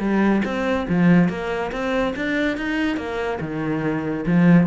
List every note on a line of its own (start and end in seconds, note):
0.00 0.42 G3
0.45 0.87 C4
0.89 1.29 F3
1.29 1.71 A#3
1.72 2.14 C4
2.16 2.58 D4
2.58 2.97 D#4
2.97 3.39 A#3
3.41 4.25 D#3
4.27 4.67 F3